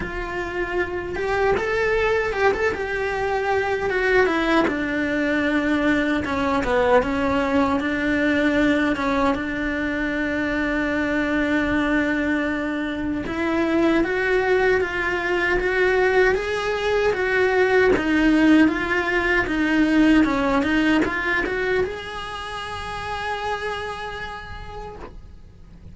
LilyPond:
\new Staff \with { instrumentName = "cello" } { \time 4/4 \tempo 4 = 77 f'4. g'8 a'4 g'16 a'16 g'8~ | g'4 fis'8 e'8 d'2 | cis'8 b8 cis'4 d'4. cis'8 | d'1~ |
d'4 e'4 fis'4 f'4 | fis'4 gis'4 fis'4 dis'4 | f'4 dis'4 cis'8 dis'8 f'8 fis'8 | gis'1 | }